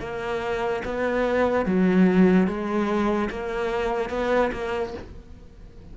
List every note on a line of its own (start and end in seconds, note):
0.00 0.82 A#3
0.85 1.66 B3
1.66 2.47 F#3
2.47 3.30 G#3
3.30 4.10 A#3
4.10 4.51 B3
4.53 4.94 A#3